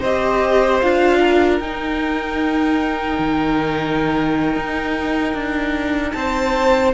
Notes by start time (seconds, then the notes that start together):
0.00 C4 C5 D#5
0.06 G4
0.81 D4 F4 F5
1.20 A#4
1.60 D#4 G5
3.19 D#3
4.56 D#4
5.34 D4
6.12 C4 C5 A5